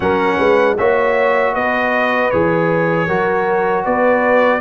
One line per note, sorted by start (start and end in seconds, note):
0.00 0.37 F#3
0.00 0.77 C#4
0.00 0.37 A#4
0.00 0.77 F#5
0.37 0.77 G#3
0.37 0.75 B4
0.77 1.54 A#3
0.77 2.32 F#4
0.77 1.54 C#5
0.77 1.54 E5
1.54 2.31 B3
1.54 3.07 B4
1.54 2.30 D#5
2.30 3.08 E3
2.30 3.08 G#4
2.30 3.84 C#5
3.07 3.85 F#3
3.07 4.60 F#4
3.07 3.84 A#4
3.84 4.60 B3
3.84 4.60 B4
3.84 4.60 D5